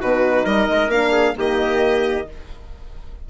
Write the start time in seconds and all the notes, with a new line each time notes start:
0.00 B2 D#4 F#4 B4
0.44 G3 A#4 D#5
0.70 G#3
0.88 A#3 D4 F5
1.12 G#4
1.36 D#3 A#3 G4 D#5